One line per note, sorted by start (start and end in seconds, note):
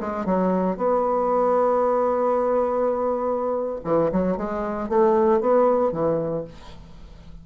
0.00 0.25 G#3
0.25 0.77 F#3
0.77 3.80 B3
3.84 4.10 E3
4.12 4.37 F#3
4.37 4.89 G#3
4.89 5.40 A3
5.40 5.92 B3
5.92 6.44 E3